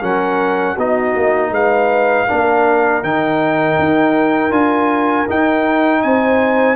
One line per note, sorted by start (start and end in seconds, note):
0.00 0.77 F#3
0.00 0.77 C#4
0.00 0.75 A#4
0.00 0.78 F#5
0.75 1.15 B3
0.75 2.28 D#4
0.75 1.50 F#4
0.75 1.54 D#5
1.16 1.51 A#3
1.51 2.26 G#3
1.51 2.28 B4
1.51 3.04 F5
2.28 3.03 A#3
2.28 3.03 D4
2.28 6.03 A#4
3.03 3.78 D#3
3.03 4.51 D#4
3.03 4.52 G5
3.79 4.51 D#4
4.51 5.26 D4
4.51 5.26 F4
4.51 5.27 G#5
5.29 6.76 D#4
5.29 6.04 D#4
5.29 6.02 G5
6.02 6.76 C4
6.02 6.76 C5
6.02 6.76 G#5